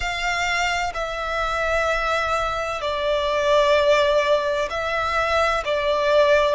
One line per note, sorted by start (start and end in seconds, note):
0.00 0.92 F5
0.94 2.81 E5
2.81 4.68 D5
4.70 5.63 E5
5.65 6.54 D5